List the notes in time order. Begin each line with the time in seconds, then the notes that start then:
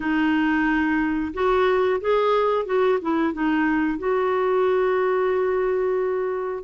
0.00 D#4
1.33 F#4
2.00 G#4
2.65 F#4
3.01 E4
3.33 D#4
3.98 F#4